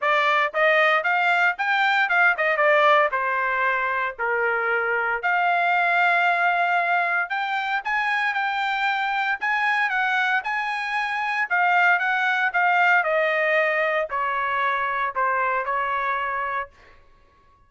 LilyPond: \new Staff \with { instrumentName = "trumpet" } { \time 4/4 \tempo 4 = 115 d''4 dis''4 f''4 g''4 | f''8 dis''8 d''4 c''2 | ais'2 f''2~ | f''2 g''4 gis''4 |
g''2 gis''4 fis''4 | gis''2 f''4 fis''4 | f''4 dis''2 cis''4~ | cis''4 c''4 cis''2 | }